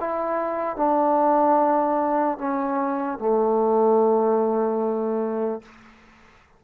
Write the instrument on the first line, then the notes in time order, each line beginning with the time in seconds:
trombone
0.00 E4
0.76 D4
2.38 C#4
3.18 A3